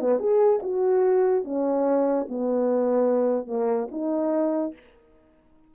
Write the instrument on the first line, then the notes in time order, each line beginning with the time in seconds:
horn
0.00 B3
0.19 G#4
0.62 F#4
1.44 C#4
2.28 B3
3.47 A#3
3.91 D#4